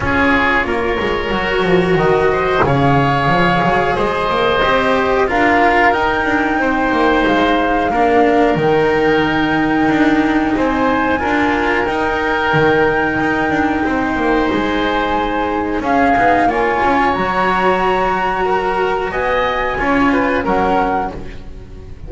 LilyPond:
<<
  \new Staff \with { instrumentName = "flute" } { \time 4/4 \tempo 4 = 91 cis''2. dis''4 | f''2 dis''2 | f''4 g''2 f''4~ | f''4 g''2. |
gis''2 g''2~ | g''2 gis''2 | f''4 gis''4 ais''2~ | ais''4 gis''2 fis''4 | }
  \new Staff \with { instrumentName = "oboe" } { \time 4/4 gis'4 ais'2~ ais'8 c''8 | cis''2 c''2 | ais'2 c''2 | ais'1 |
c''4 ais'2.~ | ais'4 c''2. | gis'4 cis''2. | ais'4 dis''4 cis''8 b'8 ais'4 | }
  \new Staff \with { instrumentName = "cello" } { \time 4/4 f'2 fis'2 | gis'2. g'4 | f'4 dis'2. | d'4 dis'2.~ |
dis'4 f'4 dis'2~ | dis'1 | cis'8 dis'8 f'4 fis'2~ | fis'2 f'4 cis'4 | }
  \new Staff \with { instrumentName = "double bass" } { \time 4/4 cis'4 ais8 gis8 fis8 f8 dis4 | cis4 f8 fis8 gis8 ais8 c'4 | d'4 dis'8 d'8 c'8 ais8 gis4 | ais4 dis2 d'4 |
c'4 d'4 dis'4 dis4 | dis'8 d'8 c'8 ais8 gis2 | cis'8 b8 ais8 cis'8 fis2~ | fis4 b4 cis'4 fis4 | }
>>